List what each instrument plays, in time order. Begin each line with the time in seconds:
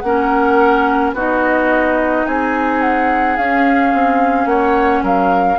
0.00 bassoon A#3, clarinet C#4, oboe A#4, flute F#5
1.14 bassoon B3, clarinet D#4, oboe F#4, flute D#5
2.26 bassoon C4, oboe G#4, flute G#5
2.81 flute F#5
3.37 bassoon C#4, clarinet C#4, flute F5
3.94 bassoon C4
4.46 bassoon A#3, oboe C#5, flute F#5
5.03 bassoon F#3, oboe A#4, flute F5